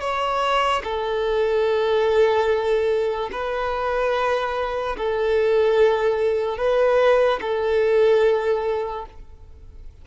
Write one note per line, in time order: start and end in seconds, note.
0.00 0.82 C#5
0.83 3.30 A4
3.32 4.96 B4
4.97 6.57 A4
6.57 7.39 B4
7.41 9.05 A4